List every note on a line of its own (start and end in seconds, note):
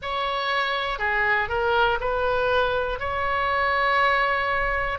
0.02 0.98 C#5
0.98 1.48 G#4
1.48 1.98 A#4
2.00 3.00 B4
3.00 4.98 C#5